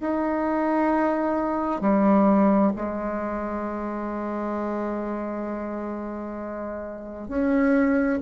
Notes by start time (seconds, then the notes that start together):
0.00 D#4
1.81 G3
2.76 G#3
7.28 C#4